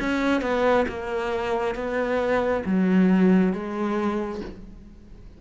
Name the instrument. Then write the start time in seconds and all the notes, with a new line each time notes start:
cello
0.00 C#4
0.42 B3
0.88 A#3
1.75 B3
2.66 F#3
3.53 G#3